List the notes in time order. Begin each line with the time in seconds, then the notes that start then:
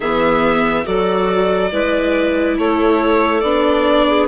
0.00 E3 B3 G#4 E5
0.85 F#3 F#4 A4 D5
1.71 G#3 E4 B4
2.58 A3 A4 C#5
3.40 B3 D4 D5
4.07 G#4